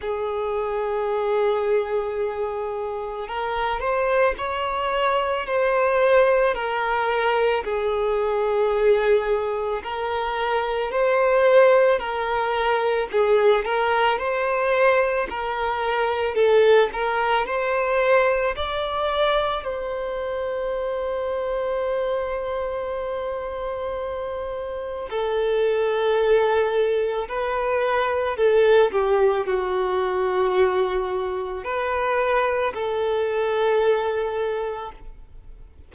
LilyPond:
\new Staff \with { instrumentName = "violin" } { \time 4/4 \tempo 4 = 55 gis'2. ais'8 c''8 | cis''4 c''4 ais'4 gis'4~ | gis'4 ais'4 c''4 ais'4 | gis'8 ais'8 c''4 ais'4 a'8 ais'8 |
c''4 d''4 c''2~ | c''2. a'4~ | a'4 b'4 a'8 g'8 fis'4~ | fis'4 b'4 a'2 | }